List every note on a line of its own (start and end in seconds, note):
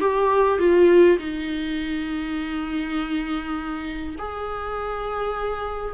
0.00 0.59 G4
0.59 1.19 F4
1.19 4.16 D#4
4.19 5.95 G#4